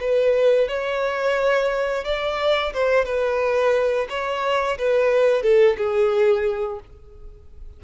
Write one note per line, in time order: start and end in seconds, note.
0.00 0.68 B4
0.68 2.05 C#5
2.05 2.73 D5
2.73 3.05 C5
3.05 4.07 B4
4.09 4.78 C#5
4.79 5.42 B4
5.42 5.76 A4
5.77 6.80 G#4